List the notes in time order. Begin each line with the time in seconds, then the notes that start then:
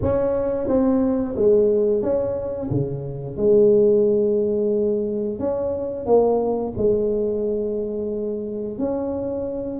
0.02 C#4
0.67 C4
1.35 G#3
2.02 C#4
2.70 C#3
3.36 G#3
5.39 C#4
6.06 A#3
6.77 G#3
8.78 C#4